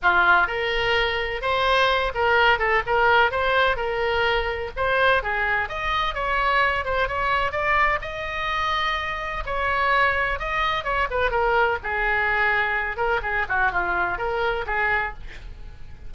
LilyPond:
\new Staff \with { instrumentName = "oboe" } { \time 4/4 \tempo 4 = 127 f'4 ais'2 c''4~ | c''8 ais'4 a'8 ais'4 c''4 | ais'2 c''4 gis'4 | dis''4 cis''4. c''8 cis''4 |
d''4 dis''2. | cis''2 dis''4 cis''8 b'8 | ais'4 gis'2~ gis'8 ais'8 | gis'8 fis'8 f'4 ais'4 gis'4 | }